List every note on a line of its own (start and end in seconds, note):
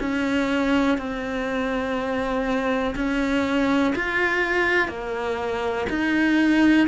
0.00 0.98 C#4
0.98 2.95 C4
2.96 3.94 C#4
3.96 4.89 F4
4.89 5.87 A#3
5.90 6.88 D#4